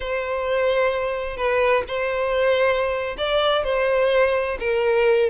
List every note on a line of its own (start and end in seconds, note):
0.00 1.37 C5
1.37 1.83 B4
1.87 3.16 C5
3.17 3.64 D5
3.64 4.57 C5
4.59 5.29 A#4